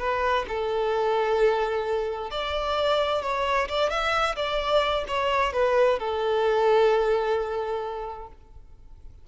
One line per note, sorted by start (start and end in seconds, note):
0.00 0.46 B4
0.49 2.31 A4
2.31 3.23 D5
3.23 3.69 C#5
3.69 3.90 D5
3.90 4.36 E5
4.36 5.05 D5
5.08 5.54 C#5
5.54 5.99 B4
5.99 8.28 A4